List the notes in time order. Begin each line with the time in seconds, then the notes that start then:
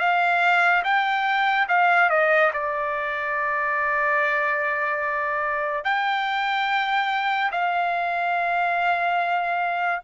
0.00 F5
0.84 G5
1.69 F5
2.10 D#5
2.54 D5
5.85 G5
7.52 F5